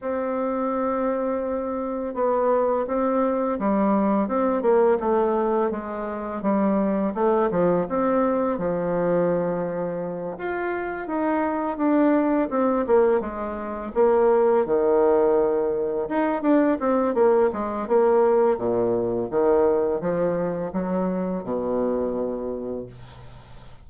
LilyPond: \new Staff \with { instrumentName = "bassoon" } { \time 4/4 \tempo 4 = 84 c'2. b4 | c'4 g4 c'8 ais8 a4 | gis4 g4 a8 f8 c'4 | f2~ f8 f'4 dis'8~ |
dis'8 d'4 c'8 ais8 gis4 ais8~ | ais8 dis2 dis'8 d'8 c'8 | ais8 gis8 ais4 ais,4 dis4 | f4 fis4 b,2 | }